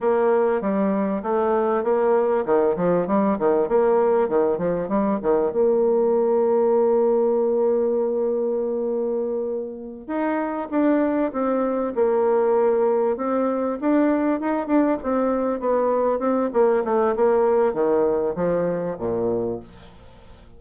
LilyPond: \new Staff \with { instrumentName = "bassoon" } { \time 4/4 \tempo 4 = 98 ais4 g4 a4 ais4 | dis8 f8 g8 dis8 ais4 dis8 f8 | g8 dis8 ais2.~ | ais1~ |
ais8 dis'4 d'4 c'4 ais8~ | ais4. c'4 d'4 dis'8 | d'8 c'4 b4 c'8 ais8 a8 | ais4 dis4 f4 ais,4 | }